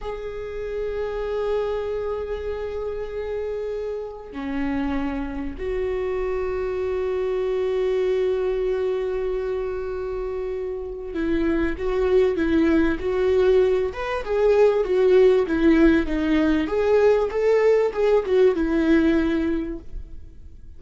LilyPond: \new Staff \with { instrumentName = "viola" } { \time 4/4 \tempo 4 = 97 gis'1~ | gis'2. cis'4~ | cis'4 fis'2.~ | fis'1~ |
fis'2 e'4 fis'4 | e'4 fis'4. b'8 gis'4 | fis'4 e'4 dis'4 gis'4 | a'4 gis'8 fis'8 e'2 | }